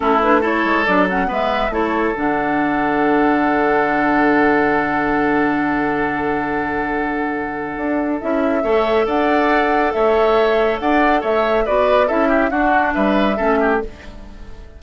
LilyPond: <<
  \new Staff \with { instrumentName = "flute" } { \time 4/4 \tempo 4 = 139 a'8 b'8 cis''4 d''8 fis''8 e''4 | cis''4 fis''2.~ | fis''1~ | fis''1~ |
fis''2. e''4~ | e''4 fis''2 e''4~ | e''4 fis''4 e''4 d''4 | e''4 fis''4 e''2 | }
  \new Staff \with { instrumentName = "oboe" } { \time 4/4 e'4 a'2 b'4 | a'1~ | a'1~ | a'1~ |
a'1 | cis''4 d''2 cis''4~ | cis''4 d''4 cis''4 b'4 | a'8 g'8 fis'4 b'4 a'8 g'8 | }
  \new Staff \with { instrumentName = "clarinet" } { \time 4/4 cis'8 d'8 e'4 d'8 cis'8 b4 | e'4 d'2.~ | d'1~ | d'1~ |
d'2. e'4 | a'1~ | a'2. fis'4 | e'4 d'2 cis'4 | }
  \new Staff \with { instrumentName = "bassoon" } { \time 4/4 a4. gis8 fis4 gis4 | a4 d2.~ | d1~ | d1~ |
d2 d'4 cis'4 | a4 d'2 a4~ | a4 d'4 a4 b4 | cis'4 d'4 g4 a4 | }
>>